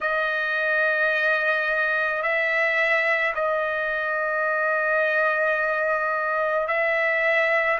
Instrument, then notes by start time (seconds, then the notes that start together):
trumpet
0.00 D#5
2.22 E5
3.34 D#5
6.67 E5